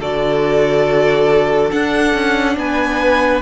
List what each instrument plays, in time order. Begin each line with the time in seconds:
0.00 cello D3, viola F#4, violin A4 D5
1.71 viola D4, cello D4, violin F#5
2.14 cello C#4
2.57 cello B3, violin B4 G#5